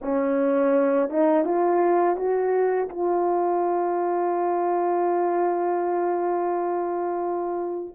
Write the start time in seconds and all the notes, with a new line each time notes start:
0.01 C#4
1.09 D#4
1.44 F4
2.16 F#4
2.89 F4